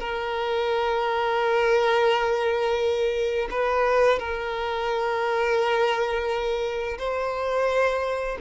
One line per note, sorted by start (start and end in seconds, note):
0.00 3.49 A#4
3.51 4.19 B4
4.19 6.98 A#4
6.99 8.38 C5